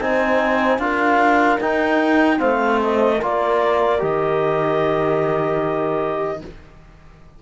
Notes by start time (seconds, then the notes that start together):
0.00 C4 D#4 C5 G#5
0.78 D4 F4 A#4 F5
1.60 D#4 G5
2.37 A3 C4 C5 F5
2.82 D#5
3.17 A#3 F4 A#4
3.23 D5
3.99 D#3 G4 D#5